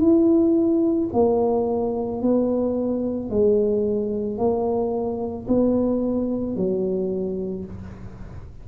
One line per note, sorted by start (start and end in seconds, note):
0.00 1.09 E4
1.13 2.22 A#3
2.22 3.30 B3
3.30 4.37 G#3
4.37 5.46 A#3
5.47 6.56 B3
6.56 7.65 F#3